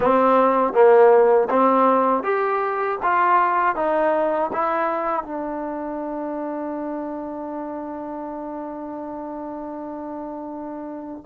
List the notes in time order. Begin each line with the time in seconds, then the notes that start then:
0.00 C4
0.73 A#3
1.49 C4
2.23 G4
3.02 F4
3.75 D#4
4.52 E4
5.23 D4